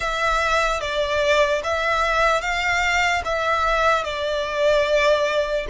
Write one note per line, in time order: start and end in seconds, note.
0.00 0.80 E5
0.80 1.61 D5
1.63 2.41 E5
2.41 3.22 F5
3.24 4.04 E5
4.04 5.66 D5